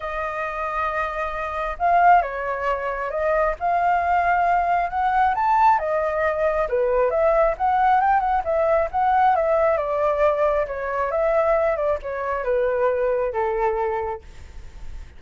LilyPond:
\new Staff \with { instrumentName = "flute" } { \time 4/4 \tempo 4 = 135 dis''1 | f''4 cis''2 dis''4 | f''2. fis''4 | a''4 dis''2 b'4 |
e''4 fis''4 g''8 fis''8 e''4 | fis''4 e''4 d''2 | cis''4 e''4. d''8 cis''4 | b'2 a'2 | }